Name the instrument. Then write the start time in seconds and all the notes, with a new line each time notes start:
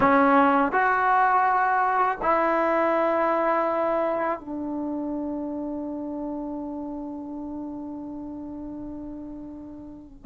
trombone
0.00 C#4
0.72 F#4
2.22 E4
4.39 D4